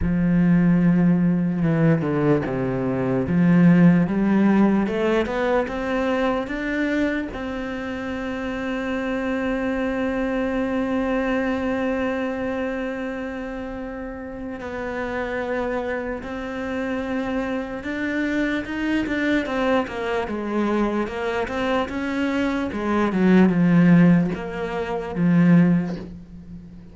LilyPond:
\new Staff \with { instrumentName = "cello" } { \time 4/4 \tempo 4 = 74 f2 e8 d8 c4 | f4 g4 a8 b8 c'4 | d'4 c'2.~ | c'1~ |
c'2 b2 | c'2 d'4 dis'8 d'8 | c'8 ais8 gis4 ais8 c'8 cis'4 | gis8 fis8 f4 ais4 f4 | }